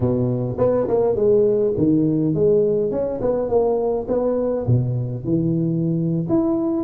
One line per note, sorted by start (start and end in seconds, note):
0.00 0.56 B2
0.58 0.87 B3
0.87 1.15 A#3
1.15 1.73 G#3
1.77 2.34 D#3
2.34 2.91 G#3
2.91 3.20 C#4
3.21 3.48 B3
3.48 4.06 A#3
4.08 4.66 B3
4.66 5.24 B2
5.24 6.26 E3
6.29 6.83 E4